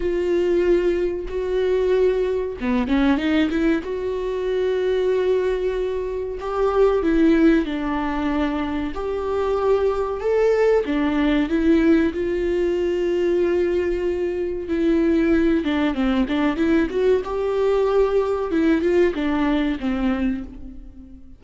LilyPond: \new Staff \with { instrumentName = "viola" } { \time 4/4 \tempo 4 = 94 f'2 fis'2 | b8 cis'8 dis'8 e'8 fis'2~ | fis'2 g'4 e'4 | d'2 g'2 |
a'4 d'4 e'4 f'4~ | f'2. e'4~ | e'8 d'8 c'8 d'8 e'8 fis'8 g'4~ | g'4 e'8 f'8 d'4 c'4 | }